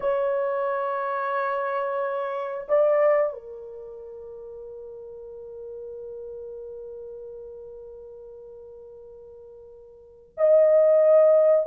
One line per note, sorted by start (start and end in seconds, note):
0.00 2.67 C#5
2.68 3.32 D5
3.32 10.32 A#4
10.37 11.66 D#5